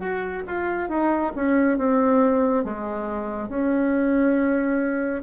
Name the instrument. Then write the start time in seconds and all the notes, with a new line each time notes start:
bassoon
0.00 F#4
0.47 F4
0.89 D#4
1.36 C#4
1.78 C4
2.64 G#3
3.49 C#4